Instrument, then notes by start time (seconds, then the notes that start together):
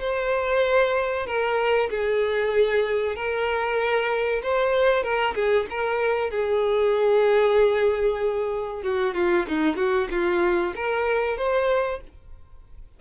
violin
0.00 C5
1.26 A#4
1.90 G#4
3.16 A#4
4.43 C5
5.03 A#4
5.35 G#4
5.70 A#4
6.30 G#4
8.83 F#4
9.14 F4
9.48 D#4
9.76 F#4
10.11 F4
10.76 A#4
11.37 C5